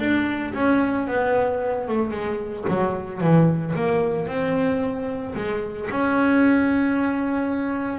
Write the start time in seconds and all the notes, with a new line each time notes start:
0.00 D4
0.54 C#4
1.08 B3
1.88 A3
2.12 G#3
2.69 F#3
3.21 E3
3.76 A#3
4.28 C4
5.35 G#3
5.91 C#4